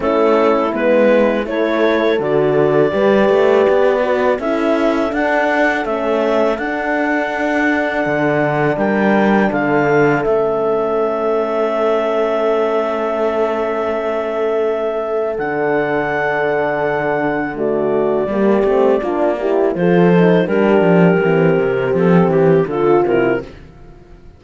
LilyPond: <<
  \new Staff \with { instrumentName = "clarinet" } { \time 4/4 \tempo 4 = 82 a'4 b'4 cis''4 d''4~ | d''2 e''4 fis''4 | e''4 fis''2. | g''4 f''4 e''2~ |
e''1~ | e''4 fis''2. | d''2. c''4 | ais'2 a'8 g'8 a'8 ais'8 | }
  \new Staff \with { instrumentName = "horn" } { \time 4/4 e'2 a'2 | b'2 a'2~ | a'1 | ais'4 a'2.~ |
a'1~ | a'1 | fis'4 g'4 f'8 g'8 a'4 | g'2. f'4 | }
  \new Staff \with { instrumentName = "horn" } { \time 4/4 cis'4 b4 e'4 fis'4 | g'4. fis'8 e'4 d'4 | cis'4 d'2.~ | d'2 cis'2~ |
cis'1~ | cis'4 d'2. | a4 ais8 c'8 d'8 e'8 f'8 dis'8 | d'4 c'2 f'8 e'8 | }
  \new Staff \with { instrumentName = "cello" } { \time 4/4 a4 gis4 a4 d4 | g8 a8 b4 cis'4 d'4 | a4 d'2 d4 | g4 d4 a2~ |
a1~ | a4 d2.~ | d4 g8 a8 ais4 f4 | g8 f8 e8 c8 f8 e8 d8 c8 | }
>>